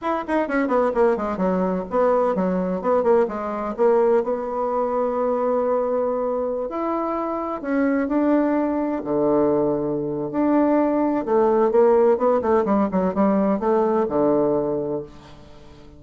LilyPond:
\new Staff \with { instrumentName = "bassoon" } { \time 4/4 \tempo 4 = 128 e'8 dis'8 cis'8 b8 ais8 gis8 fis4 | b4 fis4 b8 ais8 gis4 | ais4 b2.~ | b2~ b16 e'4.~ e'16~ |
e'16 cis'4 d'2 d8.~ | d2 d'2 | a4 ais4 b8 a8 g8 fis8 | g4 a4 d2 | }